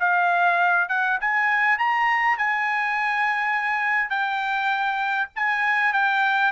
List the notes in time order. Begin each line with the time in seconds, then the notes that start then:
0.00 F5
0.89 F#5
1.21 G#5
1.78 A#5
2.38 G#5
4.10 G5
5.36 G#5
5.93 G5